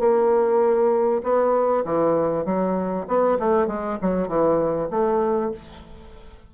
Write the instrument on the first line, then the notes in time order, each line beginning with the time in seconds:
bassoon
0.00 A#3
1.24 B3
1.85 E3
2.45 F#3
3.08 B3
3.39 A3
3.68 G#3
4.02 F#3
4.28 E3
4.91 A3